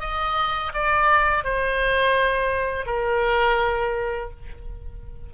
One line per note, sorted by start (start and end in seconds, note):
0.00 0.72 D#5
0.74 1.44 D5
1.44 2.86 C5
2.86 4.30 A#4